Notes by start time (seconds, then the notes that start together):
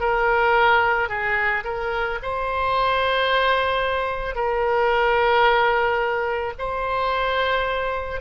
0.00 A#4
1.09 G#4
1.64 A#4
2.23 C5
4.35 A#4
6.59 C5